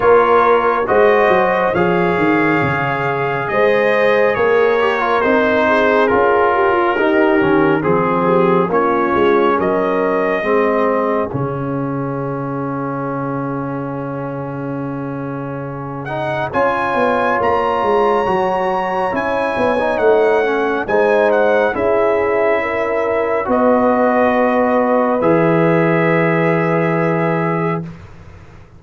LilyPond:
<<
  \new Staff \with { instrumentName = "trumpet" } { \time 4/4 \tempo 4 = 69 cis''4 dis''4 f''2 | dis''4 cis''4 c''4 ais'4~ | ais'4 gis'4 cis''4 dis''4~ | dis''4 f''2.~ |
f''2~ f''8 fis''8 gis''4 | ais''2 gis''4 fis''4 | gis''8 fis''8 e''2 dis''4~ | dis''4 e''2. | }
  \new Staff \with { instrumentName = "horn" } { \time 4/4 ais'4 c''4 cis''2 | c''4 ais'4. gis'4 g'16 f'16 | g'4 gis'8 g'8 f'4 ais'4 | gis'1~ |
gis'2. cis''4~ | cis''1 | c''4 gis'4 ais'4 b'4~ | b'1 | }
  \new Staff \with { instrumentName = "trombone" } { \time 4/4 f'4 fis'4 gis'2~ | gis'4. g'16 f'16 dis'4 f'4 | dis'8 cis'8 c'4 cis'2 | c'4 cis'2.~ |
cis'2~ cis'8 dis'8 f'4~ | f'4 fis'4 e'8. dis'8. cis'8 | dis'4 e'2 fis'4~ | fis'4 gis'2. | }
  \new Staff \with { instrumentName = "tuba" } { \time 4/4 ais4 gis8 fis8 f8 dis8 cis4 | gis4 ais4 c'4 cis'4 | dis'8 dis8 f4 ais8 gis8 fis4 | gis4 cis2.~ |
cis2. cis'8 b8 | ais8 gis8 fis4 cis'8 b8 a4 | gis4 cis'2 b4~ | b4 e2. | }
>>